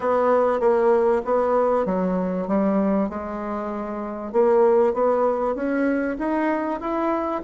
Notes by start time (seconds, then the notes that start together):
0.00 B3
0.60 A#3
1.24 B3
1.85 F#3
2.47 G3
3.09 G#3
4.32 A#3
4.93 B3
5.55 C#4
6.18 D#4
6.80 E4